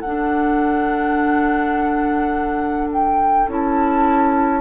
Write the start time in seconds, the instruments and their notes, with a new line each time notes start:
0.00 bassoon D4, clarinet D4, oboe A4, flute F#5
2.92 flute G5
3.48 bassoon C#4, clarinet E4, flute A5